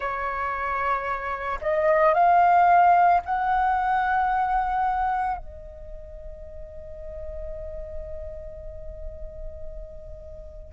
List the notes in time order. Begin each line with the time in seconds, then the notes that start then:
0.00 C#5
1.61 D#5
2.14 F5
3.25 F#5
5.37 D#5